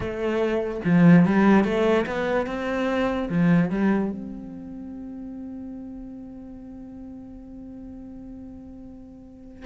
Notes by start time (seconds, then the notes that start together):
0.00 A3
0.84 F3
1.25 G3
1.64 A3
2.06 B3
2.46 C4
3.29 F3
3.70 G3
4.11 C4